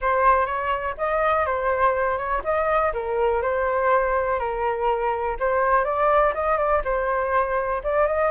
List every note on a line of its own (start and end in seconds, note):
0.01 0.45 C5
0.45 0.94 C#5
0.97 1.45 D#5
1.45 2.17 C5
2.17 2.42 C#5
2.44 2.93 D#5
2.93 3.42 A#4
3.42 4.39 C5
4.39 5.36 A#4
5.39 5.84 C5
5.84 6.33 D5
6.34 6.57 D#5
6.57 6.82 D5
6.84 7.82 C5
7.83 8.06 D5
8.06 8.31 D#5